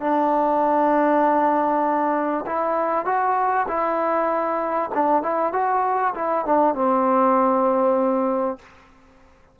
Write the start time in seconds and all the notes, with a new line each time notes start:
0.00 D4
2.46 E4
3.05 F#4
3.68 E4
4.94 D4
5.22 E4
5.52 F#4
6.14 E4
6.45 D4
6.75 C4